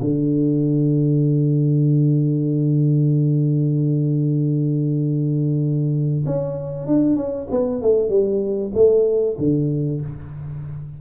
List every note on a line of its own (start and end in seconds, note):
0.00 6.25 D3
6.26 6.86 C#4
6.86 7.16 D4
7.16 7.47 C#4
7.50 7.82 B3
7.82 8.09 A3
8.09 8.71 G3
8.74 9.36 A3
9.38 10.01 D3